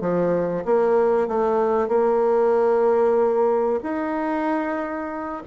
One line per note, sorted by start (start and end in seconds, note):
0.00 0.64 F3
0.64 1.27 A#3
1.27 1.88 A3
1.88 3.79 A#3
3.82 5.42 D#4